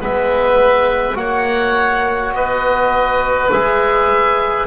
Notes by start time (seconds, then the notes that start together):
0.00 G#3 B3 B4 E5
1.15 A#3 F#4 C#5 F#5
2.33 B3 B4 D#5
3.51 G#3 G#4 E5